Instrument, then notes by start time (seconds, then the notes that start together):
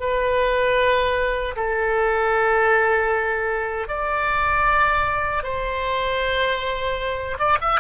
oboe
0.00 B4
1.57 A4
3.88 D5
5.43 C5
7.39 D5
7.61 E5